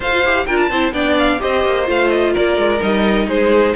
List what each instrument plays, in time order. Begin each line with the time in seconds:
0.00 cello F4, viola A4, violin C5 F5
0.12 viola F4
0.23 cello E4, viola G4
0.46 cello D4, viola F4, violin A#4 G5
0.56 violin A5
0.69 cello C4, viola E4, violin C5
0.92 cello B3, viola D4, violin D5 G5
1.18 violin F5
1.39 cello C4, viola G4, violin C5 D#5
1.65 cello A#3
1.84 cello A3, viola F4, violin F5
2.09 violin D#5
2.32 cello A#3, violin A#4 D5
2.57 cello G#3
2.81 cello G3, viola D#4, violin D#5
3.26 cello G#3, violin G#4 C5